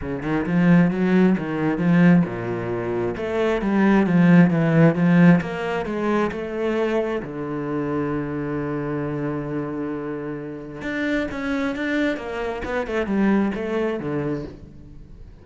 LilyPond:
\new Staff \with { instrumentName = "cello" } { \time 4/4 \tempo 4 = 133 cis8 dis8 f4 fis4 dis4 | f4 ais,2 a4 | g4 f4 e4 f4 | ais4 gis4 a2 |
d1~ | d1 | d'4 cis'4 d'4 ais4 | b8 a8 g4 a4 d4 | }